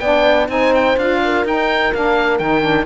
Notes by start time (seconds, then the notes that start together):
0.00 B3 D4 D5 G5
0.49 C4 D#4 C5 G#5
0.75 G5
0.98 D4 F4 F5
1.25 A#4
1.45 D#4 G5
1.94 A#3 D4 F5
2.39 D#3 D#4 G5
2.62 D4